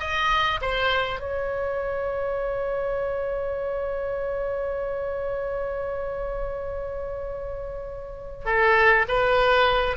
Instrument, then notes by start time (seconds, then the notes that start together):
oboe
0.00 D#5
0.61 C5
1.20 C#5
8.45 A4
9.08 B4